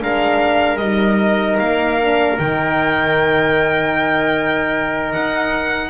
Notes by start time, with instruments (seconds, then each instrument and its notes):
0.00 double bass G#3, horn D4, trumpet A#4, violin F5
0.77 double bass G3, horn D#4, violin D#5
1.59 double bass A#3, violin F5
2.00 horn D4
2.37 double bass D#3, horn D#4, violin G5
5.12 double bass D#4, violin F#5